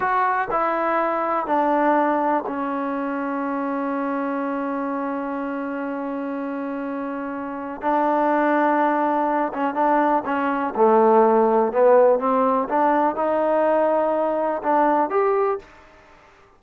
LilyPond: \new Staff \with { instrumentName = "trombone" } { \time 4/4 \tempo 4 = 123 fis'4 e'2 d'4~ | d'4 cis'2.~ | cis'1~ | cis'1 |
d'2.~ d'8 cis'8 | d'4 cis'4 a2 | b4 c'4 d'4 dis'4~ | dis'2 d'4 g'4 | }